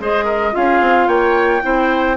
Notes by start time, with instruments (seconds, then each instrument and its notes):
0.00 bassoon G#3, clarinet G#4, oboe C5, flute D#5
0.25 oboe A#4
0.52 bassoon C#4, clarinet F4, oboe G#4, flute F5
0.81 bassoon C4
1.08 bassoon A#3, oboe C#5, flute G5
1.62 bassoon C4, clarinet E4, oboe C5